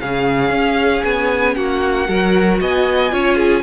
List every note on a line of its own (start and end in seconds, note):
0.00 0.50 C#3
0.00 2.07 C#4
0.00 1.56 G#4
0.00 1.04 F5
0.50 1.02 C#4
1.04 1.57 B3
1.04 1.55 G#5
1.55 2.08 A#3
1.55 2.08 F#4
1.55 2.59 F#5
2.07 2.61 F#3
2.07 3.11 F#4
2.07 2.60 A#4
2.61 3.12 B3
2.61 3.13 D#5
2.61 3.63 G#5
3.11 3.63 C#4
3.11 3.63 F4
3.11 3.36 C#5
3.36 3.62 G#4